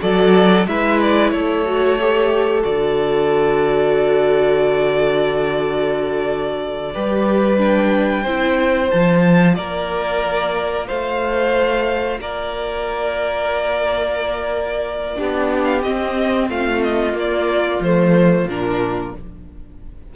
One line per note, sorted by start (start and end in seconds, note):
0.00 0.67 F#3
0.00 0.66 F#4
0.00 0.67 A4
0.00 0.68 D5
0.67 1.33 G#3
0.67 1.66 E4
0.67 1.34 B4
0.67 1.01 E5
1.01 1.31 D5
1.31 2.65 A3
1.31 6.94 A4
1.31 2.63 C#5
1.66 1.98 F#4
2.01 2.62 G4
2.62 6.95 D3
2.62 6.91 F#4
2.62 7.59 D5
6.94 8.26 G3
6.94 7.58 G4
6.94 8.23 B4
7.58 8.24 D4
7.58 8.91 G5
8.23 8.92 C4
8.23 8.92 E4
8.23 9.55 C5
8.91 9.58 F3
8.91 15.17 F4
8.91 9.55 A5
9.55 10.90 A#3
9.55 10.88 A#4
9.55 10.87 D5
10.88 12.20 A3
10.88 12.20 C5
10.88 12.20 F5
12.20 15.16 A#3
12.20 15.17 A#4
12.20 15.65 D5
15.17 15.87 B3
15.17 15.83 D4
15.17 16.49 G4
15.65 15.81 F5
15.83 17.14 C4
15.83 16.49 C4
15.83 16.49 D#5
16.49 17.14 A3
16.49 19.13 F4
16.49 16.83 F5
16.83 17.16 D#5
17.14 17.80 A#3
17.20 17.83 D5
17.81 18.46 F3
17.81 18.50 A3
17.81 18.49 C5
18.46 19.12 A#2
18.46 19.16 D4
18.46 19.16 A#4